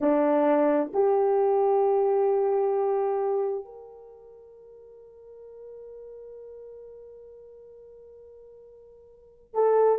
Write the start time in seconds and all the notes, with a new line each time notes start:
0.01 D4
0.93 G4
3.64 A#4
9.54 A4